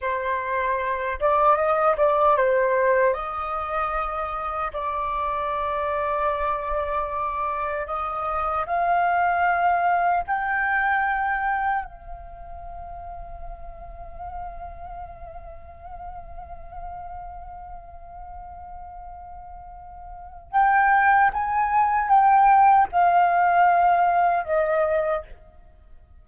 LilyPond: \new Staff \with { instrumentName = "flute" } { \time 4/4 \tempo 4 = 76 c''4. d''8 dis''8 d''8 c''4 | dis''2 d''2~ | d''2 dis''4 f''4~ | f''4 g''2 f''4~ |
f''1~ | f''1~ | f''2 g''4 gis''4 | g''4 f''2 dis''4 | }